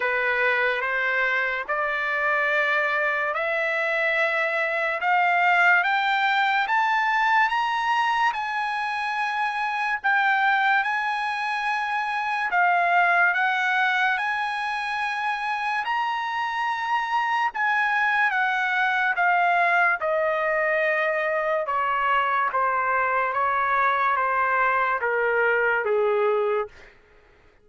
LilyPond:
\new Staff \with { instrumentName = "trumpet" } { \time 4/4 \tempo 4 = 72 b'4 c''4 d''2 | e''2 f''4 g''4 | a''4 ais''4 gis''2 | g''4 gis''2 f''4 |
fis''4 gis''2 ais''4~ | ais''4 gis''4 fis''4 f''4 | dis''2 cis''4 c''4 | cis''4 c''4 ais'4 gis'4 | }